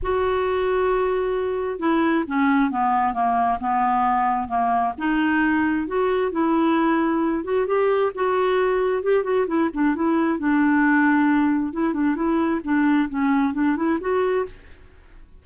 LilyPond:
\new Staff \with { instrumentName = "clarinet" } { \time 4/4 \tempo 4 = 133 fis'1 | e'4 cis'4 b4 ais4 | b2 ais4 dis'4~ | dis'4 fis'4 e'2~ |
e'8 fis'8 g'4 fis'2 | g'8 fis'8 e'8 d'8 e'4 d'4~ | d'2 e'8 d'8 e'4 | d'4 cis'4 d'8 e'8 fis'4 | }